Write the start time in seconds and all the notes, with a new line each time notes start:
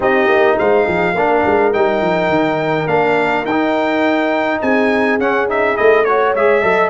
0.00 C4 D#4 G4 D#5
0.27 A#3
0.57 G#3 C5 F5
0.85 F3 G#4
1.13 A#3 D4 A#4
1.46 G#3
1.73 G3 D#4 G5
2.01 F3
2.29 D#3
2.87 A#3 D4 F5
3.44 D#4 G5
3.50 D#4
4.61 C4 G#4 G#5
5.19 C#4 F#5
5.48 D#4 E5
5.75 A3 E4 D#5
6.04 F#4 C#5
6.35 G#3 G#4 E5
6.62 F#3 A4 D#5